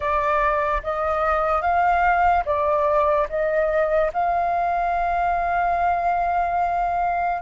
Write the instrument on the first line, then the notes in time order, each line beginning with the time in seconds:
flute
0.00 D5
0.83 D#5
1.61 F5
2.45 D5
3.29 D#5
4.13 F5